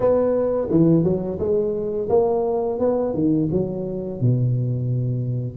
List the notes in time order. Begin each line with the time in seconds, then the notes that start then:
0.00 B3
0.70 E3
1.03 F#3
1.39 G#3
2.09 A#3
2.79 B3
3.14 D#3
3.51 F#3
4.20 B2